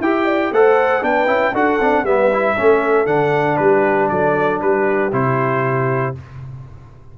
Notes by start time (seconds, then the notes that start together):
0.00 E4 G4 E5 G5
0.25 D5
0.51 A3 A4 C5 F#5
1.02 B3 D4 B4 G5
1.27 C#4 E4
1.52 D4 F#4 A4 F#5
1.80 C4 D4
2.03 G3 B3 B4 E5
2.33 E4
2.57 A3 C#4 A4
3.06 D3 D4 F#5
3.57 G3 G4 B4
4.09 F#3 A4 D5
4.61 G3 G4 B4
5.12 C3 E4 C5